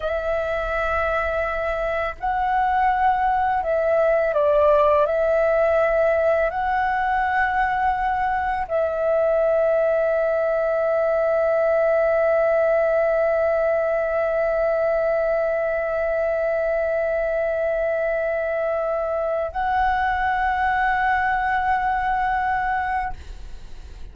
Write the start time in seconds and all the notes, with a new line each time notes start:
0.00 E5
2.20 F#5
3.63 E5
4.33 D5
5.06 E5
6.50 F#5
8.67 E5
19.51 F#5